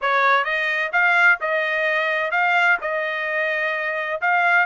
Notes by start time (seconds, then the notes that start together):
0.01 C#5
0.44 D#5
0.92 F5
1.41 D#5
2.31 F5
2.81 D#5
4.21 F5